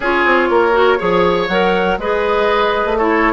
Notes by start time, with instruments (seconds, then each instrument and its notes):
0.00 bassoon C#4, clarinet F4, oboe G#4, flute C#5
0.25 bassoon C4
0.49 bassoon A#3, oboe A#4
0.72 clarinet F#4
0.98 bassoon F3, clarinet G#4, oboe C#5
1.48 bassoon F#3, clarinet A#4, flute F#5
1.98 bassoon G#3, clarinet G#4, oboe B4, flute D#5
2.85 bassoon A3
2.97 clarinet E4, oboe A4, flute C#5